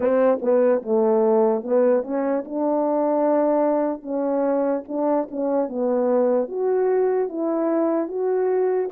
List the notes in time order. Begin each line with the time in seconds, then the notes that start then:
0.00 C4
0.41 B3
0.82 A3
1.63 B3
2.03 C#4
2.44 D4
4.02 C#4
4.88 D4
5.30 C#4
5.69 B3
6.48 F#4
7.28 E4
8.08 F#4